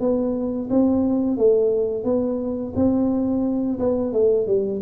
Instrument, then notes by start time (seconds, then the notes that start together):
tuba
0.00 B3
0.70 C4
1.37 A3
2.04 B3
2.76 C4
3.79 B3
4.13 A3
4.47 G3